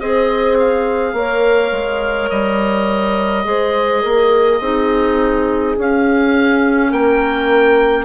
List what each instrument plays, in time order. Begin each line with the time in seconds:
0.00 bassoon C4, clarinet G#4, horn C5, oboe D#5
0.59 oboe F5
1.13 bassoon A#3, clarinet A#4, horn C#5
1.72 bassoon G#3
2.30 bassoon G3, oboe D#5
3.44 bassoon G#3, clarinet G#4, horn C5
4.02 bassoon A#3, horn A#4
4.60 bassoon C4, clarinet D#4, horn G#4
5.78 bassoon C#4, clarinet C#4, oboe F5
6.90 bassoon A#3, horn A#4, oboe G5